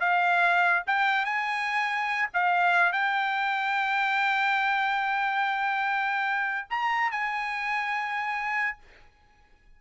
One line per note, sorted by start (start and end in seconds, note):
0.00 0.83 F5
0.87 1.25 G5
1.25 2.29 G#5
2.34 2.93 F5
2.93 6.68 G5
6.70 7.11 A#5
7.11 8.78 G#5